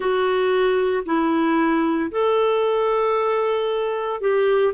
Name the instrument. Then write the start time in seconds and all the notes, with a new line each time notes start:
clarinet
0.00 F#4
1.05 E4
2.11 A4
4.21 G4